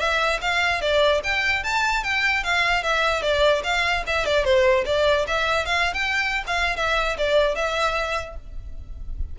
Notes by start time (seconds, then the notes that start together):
0.00 E5
0.41 F5
0.81 D5
1.24 G5
1.64 A5
2.04 G5
2.44 F5
2.83 E5
3.22 D5
3.64 F5
4.07 E5
4.26 D5
4.45 C5
4.86 D5
5.27 E5
5.66 F5
5.94 G5
6.47 F5
6.77 E5
7.18 D5
7.56 E5